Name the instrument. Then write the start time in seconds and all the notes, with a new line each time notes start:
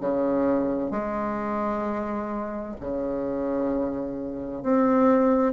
bassoon
0.00 C#3
0.90 G#3
2.80 C#3
4.62 C4